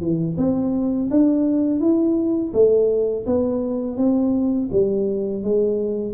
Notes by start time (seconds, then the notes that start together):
0.00 E3
0.37 C4
1.11 D4
1.80 E4
2.53 A3
3.27 B3
3.97 C4
4.72 G3
5.43 G#3